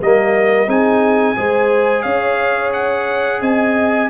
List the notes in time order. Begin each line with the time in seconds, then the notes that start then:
0.00 G3 A#3 A#4 D#5
0.67 C4 D#4 G#4 G#5
1.36 G#3 G#4 C5
2.02 C#4 C#5 F5
2.73 F#5
3.41 C4 D#5 G#5